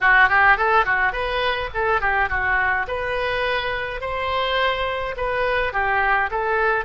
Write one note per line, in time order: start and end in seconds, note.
0.01 0.29 F#4
0.29 0.57 G4
0.57 0.85 A4
0.85 1.12 F#4
1.12 1.69 B4
1.74 2.00 A4
2.00 2.29 G4
2.29 2.86 F#4
2.87 4.01 B4
4.01 5.15 C5
5.16 5.72 B4
5.72 6.30 G4
6.30 6.84 A4